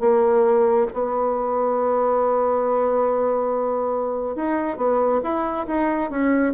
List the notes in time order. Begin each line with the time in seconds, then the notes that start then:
0.00 A#3
0.93 B3
4.36 D#4
4.77 B3
5.23 E4
5.67 D#4
6.11 C#4